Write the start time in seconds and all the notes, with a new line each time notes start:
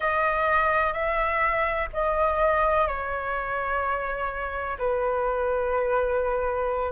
0.00 D#5
0.93 E5
1.93 D#5
2.87 C#5
4.78 B4